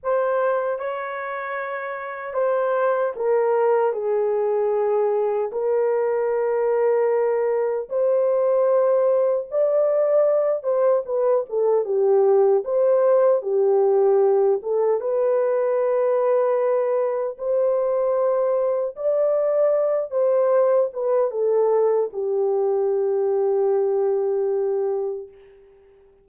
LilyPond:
\new Staff \with { instrumentName = "horn" } { \time 4/4 \tempo 4 = 76 c''4 cis''2 c''4 | ais'4 gis'2 ais'4~ | ais'2 c''2 | d''4. c''8 b'8 a'8 g'4 |
c''4 g'4. a'8 b'4~ | b'2 c''2 | d''4. c''4 b'8 a'4 | g'1 | }